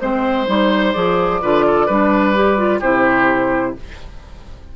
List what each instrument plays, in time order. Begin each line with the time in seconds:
0.00 bassoon G#3, clarinet C4, flute C5, oboe C5
0.47 bassoon G3, clarinet D#4
0.92 bassoon F3, clarinet G#4, flute D5
1.41 bassoon D3, clarinet F4, oboe B4
1.67 oboe A4
1.86 bassoon G3, clarinet D4, oboe B4
2.35 clarinet G4
2.57 clarinet F4
2.79 bassoon C3, clarinet E4, oboe G4, flute C5